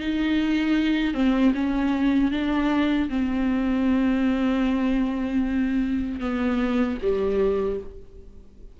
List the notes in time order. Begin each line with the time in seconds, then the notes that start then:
0.00 D#4
1.14 C4
1.54 C#4
2.31 D4
3.09 C4
6.20 B3
7.02 G3